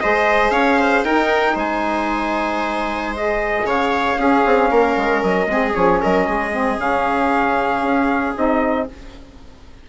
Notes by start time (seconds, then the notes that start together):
0.00 G#3 G#4 C5 D#5
0.51 C#4 C#5 F5
0.79 C5
1.03 D#4 A#4 G5
1.55 G#3 C5 G#5
3.15 G#4 D#5
3.64 C#3 C#5 F5
4.17 C#4 G#4
4.46 C4
4.70 A#3 A#4
4.97 G#3
5.23 F#3 D#5
5.47 G#3 C4 G#4
5.72 F3 C#4 C#5
6.02 F#3 A#4 D#5
6.27 G#3 G#4
6.52 C4
6.77 C#3 C#4 F5
7.82 C#4
8.35 C4 D#4 D#5